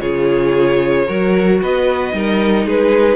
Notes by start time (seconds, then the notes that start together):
0.00 C#3 F4 G#4 C#5
1.07 F#3 F#4 A#4
1.62 B3 B4 D#5
2.12 G3 D#4 A#4
2.66 G#3 G#4 B4